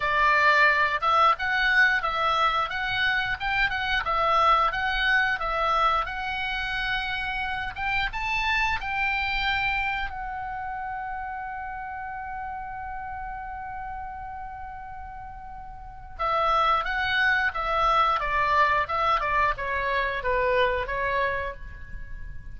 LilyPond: \new Staff \with { instrumentName = "oboe" } { \time 4/4 \tempo 4 = 89 d''4. e''8 fis''4 e''4 | fis''4 g''8 fis''8 e''4 fis''4 | e''4 fis''2~ fis''8 g''8 | a''4 g''2 fis''4~ |
fis''1~ | fis''1 | e''4 fis''4 e''4 d''4 | e''8 d''8 cis''4 b'4 cis''4 | }